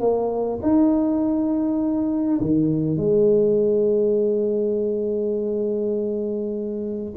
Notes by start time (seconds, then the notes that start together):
0.00 A#3
0.62 D#4
2.41 D#3
2.97 G#3